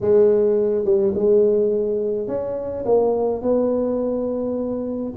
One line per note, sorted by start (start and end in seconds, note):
0.00 0.84 G#3
0.84 1.13 G3
1.14 2.27 G#3
2.27 2.84 C#4
2.85 3.42 A#3
3.42 5.13 B3